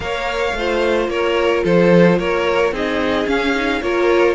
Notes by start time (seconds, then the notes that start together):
0.00 A#3 A#4 C#5 F5
0.53 A3 F4 C5
1.07 A#3 A#4 C#5
1.64 F3 A4 C5
2.18 A#3 A#4 C#5
2.71 C4 D#4 G#4 D#5
3.26 C#4 F5
3.55 D#4
3.81 A#3 F4 A#4 C#5